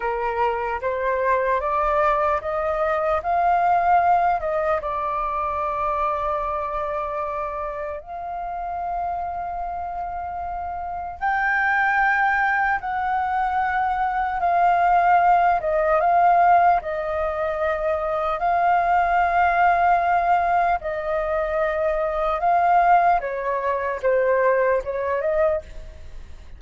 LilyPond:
\new Staff \with { instrumentName = "flute" } { \time 4/4 \tempo 4 = 75 ais'4 c''4 d''4 dis''4 | f''4. dis''8 d''2~ | d''2 f''2~ | f''2 g''2 |
fis''2 f''4. dis''8 | f''4 dis''2 f''4~ | f''2 dis''2 | f''4 cis''4 c''4 cis''8 dis''8 | }